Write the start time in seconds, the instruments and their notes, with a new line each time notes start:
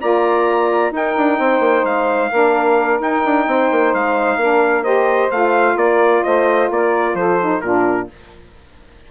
0.00 bassoon A#3, saxophone F4 D5, trumpet A#5
0.91 bassoon D#4, saxophone D#4 A#4, trumpet G5
1.17 bassoon D4
1.38 bassoon C4, saxophone C5
1.59 bassoon A#3
1.84 bassoon G#3, trumpet F5
2.30 bassoon A#3, saxophone D4 A#4
3.00 bassoon D#4, saxophone D#4, trumpet G5
3.25 bassoon D4
3.47 bassoon C4, saxophone C5
3.71 bassoon A#3
3.94 bassoon G#3, trumpet F5
4.36 bassoon A#3, saxophone D4 A#4
4.83 saxophone G4 C5, trumpet D#5
5.31 bassoon A3, saxophone F4, trumpet F5
5.76 bassoon A#3, saxophone A#4, trumpet D5
6.23 bassoon A3, saxophone C5, trumpet D#5
6.70 bassoon A#3, saxophone A#4, trumpet D5
7.14 bassoon F3, saxophone A4, trumpet C5
7.40 saxophone D#4
7.61 bassoon A#2, saxophone D4 F4, trumpet A#4